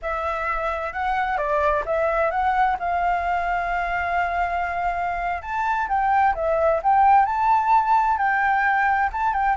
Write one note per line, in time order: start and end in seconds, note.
0.02 0.93 E5
0.93 1.37 F#5
1.37 1.83 D5
1.85 2.30 E5
2.30 2.77 F#5
2.79 5.42 F5
5.42 5.88 A5
5.88 6.34 G5
6.35 6.81 E5
6.82 7.25 G5
7.25 8.17 A5
8.17 9.09 G5
9.12 9.33 A5
9.33 9.56 G5